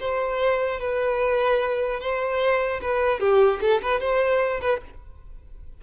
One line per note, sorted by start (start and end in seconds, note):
0.00 0.80 C5
0.80 2.00 B4
2.00 2.81 C5
2.82 3.20 B4
3.20 3.60 G4
3.61 3.82 A4
3.83 4.01 B4
4.01 4.61 C5
4.61 4.81 B4